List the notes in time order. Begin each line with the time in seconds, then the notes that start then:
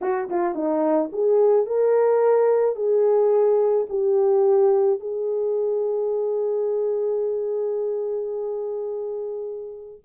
0.01 F#4
0.29 F4
0.54 D#4
1.12 G#4
1.66 A#4
2.75 G#4
3.89 G4
5.00 G#4